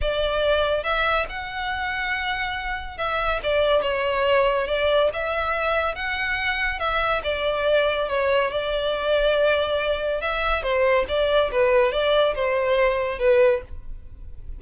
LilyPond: \new Staff \with { instrumentName = "violin" } { \time 4/4 \tempo 4 = 141 d''2 e''4 fis''4~ | fis''2. e''4 | d''4 cis''2 d''4 | e''2 fis''2 |
e''4 d''2 cis''4 | d''1 | e''4 c''4 d''4 b'4 | d''4 c''2 b'4 | }